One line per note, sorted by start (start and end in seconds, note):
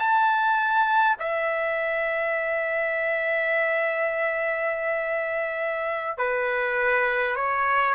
0.00 1.18 A5
1.20 6.19 E5
6.19 7.36 B4
7.36 7.95 C#5